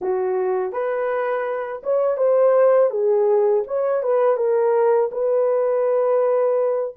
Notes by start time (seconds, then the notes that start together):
0.01 F#4
0.72 B4
1.83 C#5
2.17 C5
2.90 G#4
3.67 C#5
4.02 B4
4.37 A#4
5.11 B4